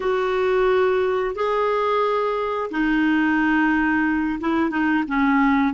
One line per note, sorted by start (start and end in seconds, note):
0.00 1.35 F#4
1.35 2.70 G#4
2.70 4.39 D#4
4.40 4.70 E4
4.70 5.04 D#4
5.07 5.73 C#4